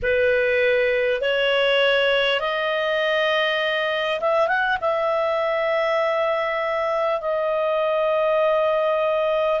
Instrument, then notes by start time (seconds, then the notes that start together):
clarinet
0.02 B4
1.21 C#5
2.40 D#5
4.20 E5
4.47 F#5
4.80 E5
7.21 D#5